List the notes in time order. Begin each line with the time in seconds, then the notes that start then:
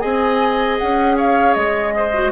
0.00 C4 G#4 D#5 G#5
0.79 C#4 F#5
1.17 C#5 F5
1.54 G#3 D#5
1.97 C5
2.14 F#4